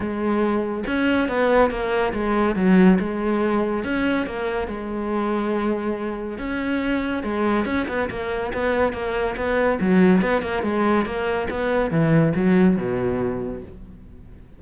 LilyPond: \new Staff \with { instrumentName = "cello" } { \time 4/4 \tempo 4 = 141 gis2 cis'4 b4 | ais4 gis4 fis4 gis4~ | gis4 cis'4 ais4 gis4~ | gis2. cis'4~ |
cis'4 gis4 cis'8 b8 ais4 | b4 ais4 b4 fis4 | b8 ais8 gis4 ais4 b4 | e4 fis4 b,2 | }